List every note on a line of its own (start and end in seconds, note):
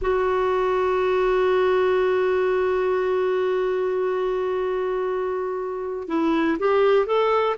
0.01 6.08 F#4
6.08 6.57 E4
6.59 7.06 G4
7.06 7.56 A4